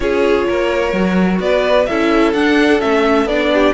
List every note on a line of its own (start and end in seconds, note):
0.00 0.45 C#4
0.00 0.93 F4
0.00 0.47 G#4
0.00 1.39 C#5
0.47 0.92 A#3
0.47 1.41 A#4
0.92 1.39 F#3
0.92 1.88 F#4
1.39 1.86 B3
1.39 1.89 B4
1.39 1.85 D5
1.85 2.33 C#4
1.85 2.34 E4
1.85 3.53 A4
1.85 2.32 E5
2.33 2.80 D4
2.33 2.79 D4
2.33 2.80 F#5
2.79 3.25 A3
2.79 3.26 C#4
2.79 3.27 E5
3.25 3.72 B3
3.25 3.73 D4
3.25 3.73 D5
3.53 3.73 G4